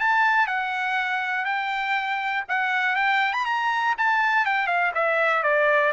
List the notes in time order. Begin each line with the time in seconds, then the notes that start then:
0.00 A5
0.47 F#5
1.45 G5
2.49 F#5
2.96 G5
3.33 B5
3.46 A#5
3.98 A5
4.46 G5
4.67 F5
4.95 E5
5.43 D5